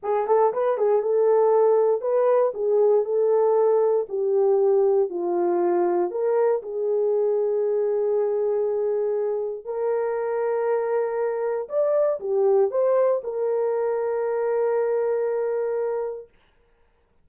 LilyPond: \new Staff \with { instrumentName = "horn" } { \time 4/4 \tempo 4 = 118 gis'8 a'8 b'8 gis'8 a'2 | b'4 gis'4 a'2 | g'2 f'2 | ais'4 gis'2.~ |
gis'2. ais'4~ | ais'2. d''4 | g'4 c''4 ais'2~ | ais'1 | }